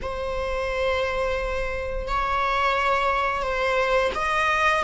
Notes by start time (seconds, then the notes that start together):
0.02 C5
2.07 C#5
3.42 C5
4.14 D#5